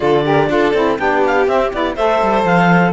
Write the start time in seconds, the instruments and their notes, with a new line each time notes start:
0.00 cello D3, saxophone F4, violin A4, clarinet D5
0.24 saxophone G4, violin A#4
0.48 cello D4, saxophone F4, violin A4
0.73 cello C4, saxophone E4
0.98 cello B3, saxophone D4, violin G4, clarinet G5
1.26 clarinet F5
1.47 saxophone C4, cello C4, clarinet E5
1.72 cello B3, saxophone E4, clarinet D5
1.95 cello A3, saxophone A4, violin C5, clarinet E5
2.21 cello G3
2.44 cello F3, clarinet F5